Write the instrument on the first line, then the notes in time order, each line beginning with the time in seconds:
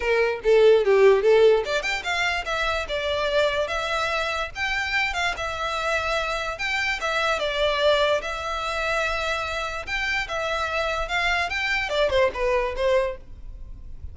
violin
0.00 A#4
0.43 A4
0.84 G4
1.22 A4
1.65 D5
1.82 G5
2.03 F5
2.45 E5
2.88 D5
3.67 E5
4.55 G5
5.13 F5
5.36 E5
6.58 G5
7.01 E5
7.39 D5
8.21 E5
9.86 G5
10.28 E5
11.08 F5
11.49 G5
11.89 D5
12.10 C5
12.33 B4
12.76 C5